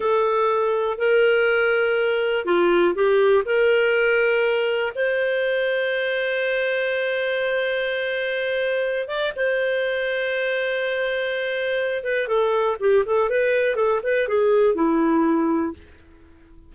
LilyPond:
\new Staff \with { instrumentName = "clarinet" } { \time 4/4 \tempo 4 = 122 a'2 ais'2~ | ais'4 f'4 g'4 ais'4~ | ais'2 c''2~ | c''1~ |
c''2~ c''8 d''8 c''4~ | c''1~ | c''8 b'8 a'4 g'8 a'8 b'4 | a'8 b'8 gis'4 e'2 | }